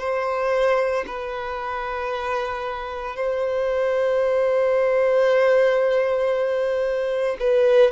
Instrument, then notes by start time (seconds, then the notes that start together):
violin
0.00 C5
1.07 B4
3.16 C5
7.40 B4